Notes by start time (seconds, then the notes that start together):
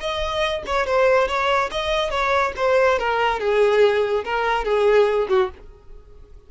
0.00 D#5
0.66 C#5
0.86 C5
1.28 C#5
1.71 D#5
2.10 C#5
2.57 C5
2.99 A#4
3.40 G#4
4.24 A#4
4.65 G#4
5.29 F#4